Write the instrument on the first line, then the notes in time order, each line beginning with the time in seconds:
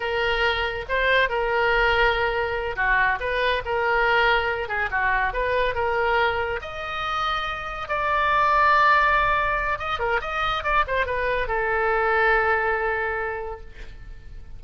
oboe
0.00 A#4
0.88 C5
1.29 A#4
2.76 F#4
3.20 B4
3.65 A#4
4.68 G#4
4.90 F#4
5.33 B4
5.74 A#4
6.61 D#5
7.88 D5
9.79 D#5
9.99 A#4
10.21 D#5
10.63 D5
10.87 C5
11.06 B4
11.47 A4